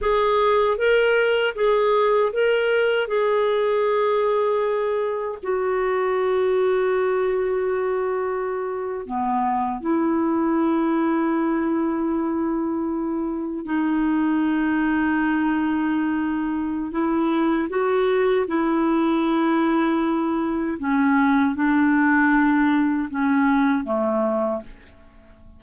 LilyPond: \new Staff \with { instrumentName = "clarinet" } { \time 4/4 \tempo 4 = 78 gis'4 ais'4 gis'4 ais'4 | gis'2. fis'4~ | fis'2.~ fis'8. b16~ | b8. e'2.~ e'16~ |
e'4.~ e'16 dis'2~ dis'16~ | dis'2 e'4 fis'4 | e'2. cis'4 | d'2 cis'4 a4 | }